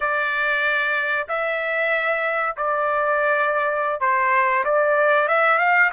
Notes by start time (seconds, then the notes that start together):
0.00 D5
1.28 E5
2.56 D5
4.00 C5
4.64 D5
5.28 E5
5.58 F5